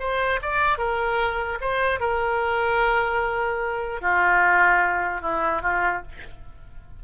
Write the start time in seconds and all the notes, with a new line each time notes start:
0.00 C5
0.42 D5
0.78 A#4
1.61 C5
2.00 A#4
4.02 F4
5.22 E4
5.62 F4